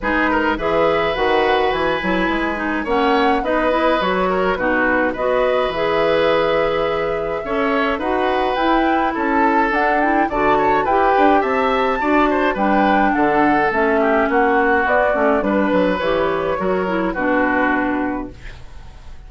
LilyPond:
<<
  \new Staff \with { instrumentName = "flute" } { \time 4/4 \tempo 4 = 105 b'4 e''4 fis''4 gis''4~ | gis''4 fis''4 dis''4 cis''4 | b'4 dis''4 e''2~ | e''2 fis''4 g''4 |
a''4 fis''8 g''8 a''4 g''4 | a''2 g''4 fis''4 | e''4 fis''4 d''4 b'4 | cis''2 b'2 | }
  \new Staff \with { instrumentName = "oboe" } { \time 4/4 gis'8 ais'8 b'2.~ | b'4 cis''4 b'4. ais'8 | fis'4 b'2.~ | b'4 cis''4 b'2 |
a'2 d''8 cis''8 b'4 | e''4 d''8 c''8 b'4 a'4~ | a'8 g'8 fis'2 b'4~ | b'4 ais'4 fis'2 | }
  \new Staff \with { instrumentName = "clarinet" } { \time 4/4 dis'4 gis'4 fis'4. e'8~ | e'8 dis'8 cis'4 dis'8 e'8 fis'4 | dis'4 fis'4 gis'2~ | gis'4 a'4 fis'4 e'4~ |
e'4 d'8 e'8 fis'4 g'4~ | g'4 fis'4 d'2 | cis'2 b8 cis'8 d'4 | g'4 fis'8 e'8 d'2 | }
  \new Staff \with { instrumentName = "bassoon" } { \time 4/4 gis4 e4 dis4 e8 fis8 | gis4 ais4 b4 fis4 | b,4 b4 e2~ | e4 cis'4 dis'4 e'4 |
cis'4 d'4 d4 e'8 d'8 | c'4 d'4 g4 d4 | a4 ais4 b8 a8 g8 fis8 | e4 fis4 b,2 | }
>>